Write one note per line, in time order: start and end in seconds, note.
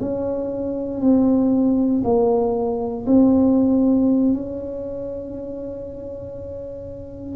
0.00 1.01 C#4
1.01 2.02 C4
2.04 3.06 A#3
3.07 4.34 C4
4.34 7.36 C#4